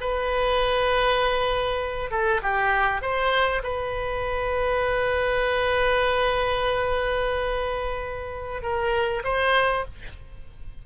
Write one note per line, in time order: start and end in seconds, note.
0.00 2.10 B4
2.10 2.41 A4
2.42 3.01 G4
3.01 3.62 C5
3.63 8.62 B4
8.62 9.23 A#4
9.24 9.84 C5